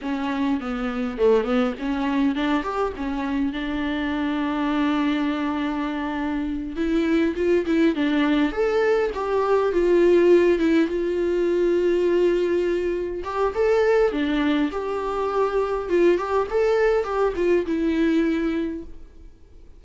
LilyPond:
\new Staff \with { instrumentName = "viola" } { \time 4/4 \tempo 4 = 102 cis'4 b4 a8 b8 cis'4 | d'8 g'8 cis'4 d'2~ | d'2.~ d'8 e'8~ | e'8 f'8 e'8 d'4 a'4 g'8~ |
g'8 f'4. e'8 f'4.~ | f'2~ f'8 g'8 a'4 | d'4 g'2 f'8 g'8 | a'4 g'8 f'8 e'2 | }